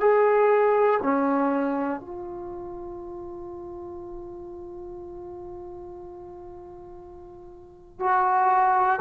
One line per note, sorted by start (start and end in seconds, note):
0.00 1.00 G#4
1.03 2.00 C#4
2.00 8.00 F4
8.00 9.00 F#4